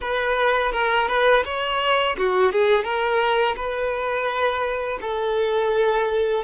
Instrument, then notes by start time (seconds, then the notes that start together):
violin
0.01 B4
0.72 A#4
1.07 B4
1.44 C#5
2.17 F#4
2.52 G#4
2.83 A#4
3.56 B4
5.01 A4